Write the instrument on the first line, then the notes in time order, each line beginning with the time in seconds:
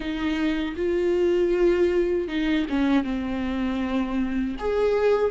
viola
0.00 D#4
0.76 F4
2.28 D#4
2.69 C#4
3.04 C4
4.58 G#4